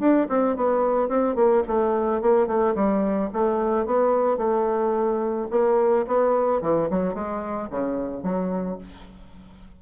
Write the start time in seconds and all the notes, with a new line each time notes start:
0.00 D4
0.30 C4
0.57 B3
1.09 C4
1.36 A#3
1.68 A3
2.22 A#3
2.47 A3
2.75 G3
3.34 A3
3.86 B3
4.38 A3
5.51 A#3
6.08 B3
6.62 E3
6.90 F#3
7.15 G#3
7.71 C#3
8.23 F#3